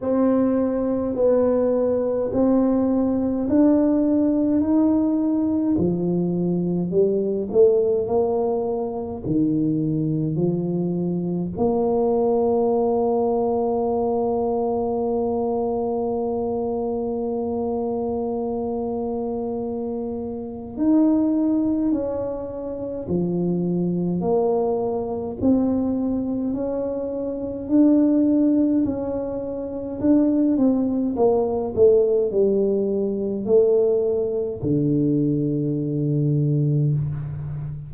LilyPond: \new Staff \with { instrumentName = "tuba" } { \time 4/4 \tempo 4 = 52 c'4 b4 c'4 d'4 | dis'4 f4 g8 a8 ais4 | dis4 f4 ais2~ | ais1~ |
ais2 dis'4 cis'4 | f4 ais4 c'4 cis'4 | d'4 cis'4 d'8 c'8 ais8 a8 | g4 a4 d2 | }